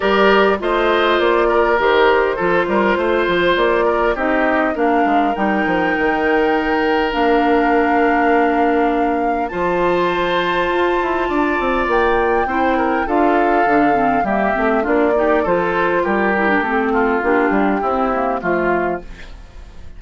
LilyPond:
<<
  \new Staff \with { instrumentName = "flute" } { \time 4/4 \tempo 4 = 101 d''4 dis''4 d''4 c''4~ | c''2 d''4 dis''4 | f''4 g''2. | f''1 |
a''1 | g''2 f''2 | e''4 d''4 c''4 ais'4 | a'4 g'2 f'4 | }
  \new Staff \with { instrumentName = "oboe" } { \time 4/4 ais'4 c''4. ais'4. | a'8 ais'8 c''4. ais'8 g'4 | ais'1~ | ais'1 |
c''2. d''4~ | d''4 c''8 ais'8 a'2 | g'4 f'8 g'8 a'4 g'4~ | g'8 f'4. e'4 f'4 | }
  \new Staff \with { instrumentName = "clarinet" } { \time 4/4 g'4 f'2 g'4 | f'2. dis'4 | d'4 dis'2. | d'1 |
f'1~ | f'4 e'4 f'4 d'8 c'8 | ais8 c'8 d'8 dis'8 f'4. e'16 d'16 | c'4 d'4 c'8 ais8 a4 | }
  \new Staff \with { instrumentName = "bassoon" } { \time 4/4 g4 a4 ais4 dis4 | f8 g8 a8 f8 ais4 c'4 | ais8 gis8 g8 f8 dis2 | ais1 |
f2 f'8 e'8 d'8 c'8 | ais4 c'4 d'4 d4 | g8 a8 ais4 f4 g4 | a4 ais8 g8 c'4 f4 | }
>>